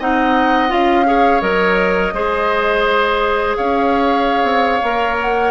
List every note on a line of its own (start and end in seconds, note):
0.00 0.72 C4
0.00 0.69 D#4
0.00 1.07 D#5
0.00 0.72 F#5
0.69 1.42 C#4
0.69 1.05 F4
0.69 1.42 F5
1.06 1.42 G#4
1.06 2.15 C#5
1.42 2.13 F#3
1.42 2.13 A#4
1.42 3.56 D#5
2.14 3.56 G#3
2.14 4.82 G#4
2.14 3.58 C5
3.57 4.44 C#4
3.57 5.51 C#5
3.57 5.18 F5
4.44 4.80 C4
4.83 5.51 A#3
4.83 5.51 A#4
5.21 5.51 F#5